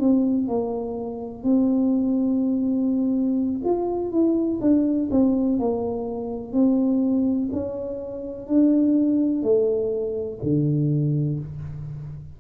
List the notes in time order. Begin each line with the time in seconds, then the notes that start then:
0.00 C4
0.48 A#3
1.43 C4
3.64 F4
4.12 E4
4.61 D4
5.12 C4
5.59 A#3
6.53 C4
7.53 C#4
8.48 D4
9.43 A3
10.43 D3